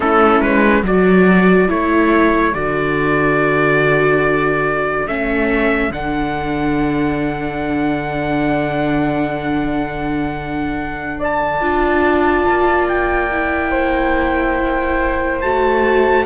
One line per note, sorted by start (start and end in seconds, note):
0.00 0.40 A3
0.00 0.84 C#4
0.00 0.84 E4
0.00 0.41 A4
0.40 0.82 G#3
0.40 0.83 B4
0.83 1.67 F#3
0.83 1.68 F#4
0.83 11.18 A4
0.83 1.70 D5
1.68 2.54 A3
1.68 2.52 E4
1.68 2.54 C#5
2.54 5.07 D3
2.54 5.07 F#4
2.54 5.07 D5
5.07 5.90 A3
5.07 5.92 C#4
5.07 5.92 E5
5.90 11.61 D3
5.90 11.61 D4
5.90 11.20 F#5
11.18 13.70 D5
11.18 12.88 A5
11.61 12.45 D4
11.61 13.30 F4
12.48 15.43 A#3
12.88 15.41 G5
13.31 15.43 E4
13.70 16.24 C5
15.41 16.25 A3
15.41 16.25 F#4
15.41 16.25 A5